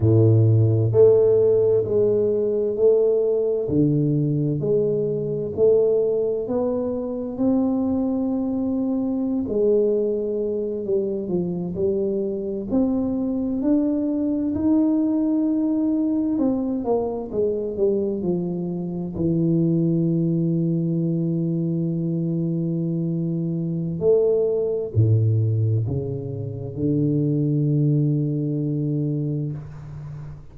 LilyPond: \new Staff \with { instrumentName = "tuba" } { \time 4/4 \tempo 4 = 65 a,4 a4 gis4 a4 | d4 gis4 a4 b4 | c'2~ c'16 gis4. g16~ | g16 f8 g4 c'4 d'4 dis'16~ |
dis'4.~ dis'16 c'8 ais8 gis8 g8 f16~ | f8. e2.~ e16~ | e2 a4 a,4 | cis4 d2. | }